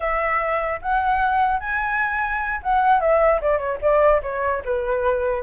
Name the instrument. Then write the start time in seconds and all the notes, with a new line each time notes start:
flute
0.00 E5
0.81 F#5
1.60 G#5
2.62 F#5
3.00 E5
3.41 D5
3.58 C#5
3.81 D5
4.22 C#5
4.64 B4